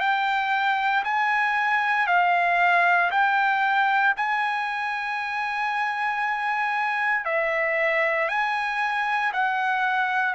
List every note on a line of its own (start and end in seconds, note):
0.00 1.03 G5
1.04 2.07 G#5
2.07 3.10 F5
3.11 4.15 G5
4.17 7.25 G#5
7.25 8.29 E5
8.29 9.32 G#5
9.33 10.34 F#5